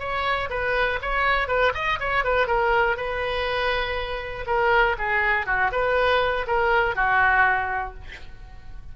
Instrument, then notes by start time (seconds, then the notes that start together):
oboe
0.00 C#5
0.50 B4
1.02 C#5
1.48 B4
1.75 D#5
2.00 C#5
2.25 B4
2.47 A#4
2.97 B4
4.47 A#4
4.99 G#4
5.47 F#4
5.72 B4
6.48 A#4
6.96 F#4